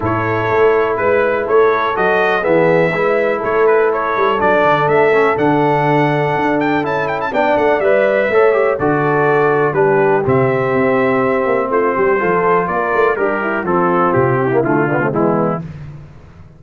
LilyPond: <<
  \new Staff \with { instrumentName = "trumpet" } { \time 4/4 \tempo 4 = 123 cis''2 b'4 cis''4 | dis''4 e''2 cis''8 b'8 | cis''4 d''4 e''4 fis''4~ | fis''4. g''8 a''8 g''16 a''16 g''8 fis''8 |
e''2 d''2 | b'4 e''2. | c''2 d''4 ais'4 | a'4 g'4 f'4 e'4 | }
  \new Staff \with { instrumentName = "horn" } { \time 4/4 a'2 b'4 a'4~ | a'4 gis'4 b'4 a'4~ | a'1~ | a'2. d''4~ |
d''4 cis''4 a'2 | g'1 | f'8 g'8 a'4 ais'4 d'8 e'8 | f'4. e'4 d'16 c'16 b4 | }
  \new Staff \with { instrumentName = "trombone" } { \time 4/4 e'1 | fis'4 b4 e'2~ | e'4 d'4. cis'8 d'4~ | d'2 e'4 d'4 |
b'4 a'8 g'8 fis'2 | d'4 c'2.~ | c'4 f'2 g'4 | c'4.~ c'16 ais16 a8 b16 a16 gis4 | }
  \new Staff \with { instrumentName = "tuba" } { \time 4/4 a,4 a4 gis4 a4 | fis4 e4 gis4 a4~ | a8 g8 fis8 d8 a4 d4~ | d4 d'4 cis'4 b8 a8 |
g4 a4 d2 | g4 c4 c'4. ais8 | a8 g8 f4 ais8 a8 g4 | f4 c4 d4 e4 | }
>>